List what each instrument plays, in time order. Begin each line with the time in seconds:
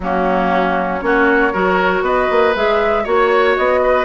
0.00 bassoon F#3, clarinet A#3, oboe C#4, flute F#4
1.01 bassoon A#3, clarinet C#4, oboe F#4, flute C#5
1.52 bassoon F#3, clarinet F#4, oboe A#4
2.01 bassoon B3, oboe B4, flute D#5
2.30 bassoon A#3
2.55 bassoon G#3, clarinet G#4, flute E5
3.03 bassoon A#3, clarinet F#4, oboe C#5, flute C#5
3.56 bassoon B3, flute D#5
3.83 oboe B4